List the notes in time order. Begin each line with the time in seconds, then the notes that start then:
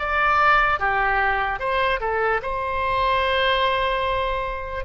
0.00 D5
0.80 G4
1.60 C5
2.01 A4
2.43 C5